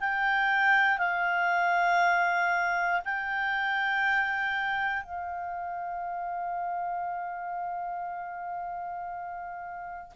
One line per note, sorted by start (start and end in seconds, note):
0.00 0.98 G5
0.98 3.01 F5
3.05 5.03 G5
5.03 10.11 F5